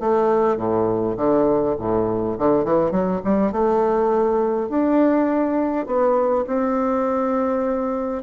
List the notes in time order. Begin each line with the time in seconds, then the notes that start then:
0.00 A3
0.57 A2
1.17 D3
1.79 A2
2.39 D3
2.65 E3
2.91 F#3
3.25 G3
3.52 A3
4.69 D4
5.86 B3
6.47 C4